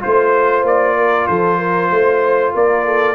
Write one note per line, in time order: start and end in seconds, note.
0.00 0.63 A3
0.00 3.15 F4
0.00 0.66 C5
0.00 0.97 C5
0.63 1.27 A#3
0.63 1.28 D5
0.97 1.29 A#4
1.28 1.91 F3
1.28 1.59 A4
1.28 2.54 C5
1.59 1.91 A#4
1.91 2.54 A3
1.91 2.54 C5
2.55 3.15 A#3
2.55 2.85 A#4
2.55 3.15 D5
2.85 3.15 A4